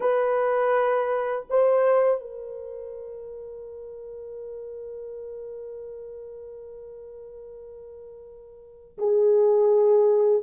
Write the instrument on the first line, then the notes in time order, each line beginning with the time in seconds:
horn
0.00 B4
1.49 C5
2.20 A#4
8.98 G#4